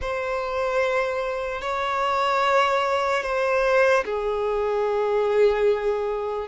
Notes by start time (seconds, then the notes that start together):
0.01 C5
1.61 C#5
3.22 C5
4.04 G#4